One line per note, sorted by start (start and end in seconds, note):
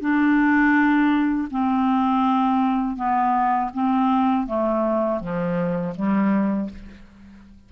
0.00 1.48 D4
1.50 2.96 C4
2.96 3.70 B3
3.73 4.46 C4
4.46 5.20 A3
5.20 5.94 F3
5.95 6.69 G3